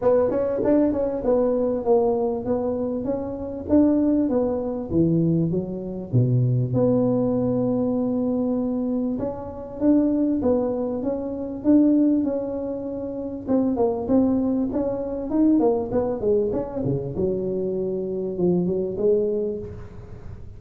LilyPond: \new Staff \with { instrumentName = "tuba" } { \time 4/4 \tempo 4 = 98 b8 cis'8 d'8 cis'8 b4 ais4 | b4 cis'4 d'4 b4 | e4 fis4 b,4 b4~ | b2. cis'4 |
d'4 b4 cis'4 d'4 | cis'2 c'8 ais8 c'4 | cis'4 dis'8 ais8 b8 gis8 cis'8 cis8 | fis2 f8 fis8 gis4 | }